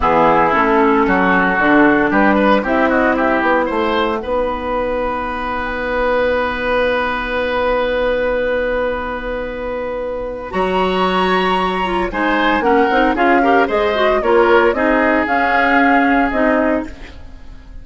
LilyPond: <<
  \new Staff \with { instrumentName = "flute" } { \time 4/4 \tempo 4 = 114 gis'4 a'2. | b'4 e''8 dis''8 e''8 fis''4.~ | fis''1~ | fis''1~ |
fis''1 | ais''2. gis''4 | fis''4 f''4 dis''4 cis''4 | dis''4 f''2 dis''4 | }
  \new Staff \with { instrumentName = "oboe" } { \time 4/4 e'2 fis'2 | g'8 b'8 g'8 fis'8 g'4 c''4 | b'1~ | b'1~ |
b'1 | cis''2. c''4 | ais'4 gis'8 ais'8 c''4 ais'4 | gis'1 | }
  \new Staff \with { instrumentName = "clarinet" } { \time 4/4 b4 cis'2 d'4~ | d'4 e'2. | dis'1~ | dis'1~ |
dis'1 | fis'2~ fis'8 f'8 dis'4 | cis'8 dis'8 f'8 g'8 gis'8 fis'8 f'4 | dis'4 cis'2 dis'4 | }
  \new Staff \with { instrumentName = "bassoon" } { \time 4/4 e4 a4 fis4 d4 | g4 c'4. b8 a4 | b1~ | b1~ |
b1 | fis2. gis4 | ais8 c'8 cis'4 gis4 ais4 | c'4 cis'2 c'4 | }
>>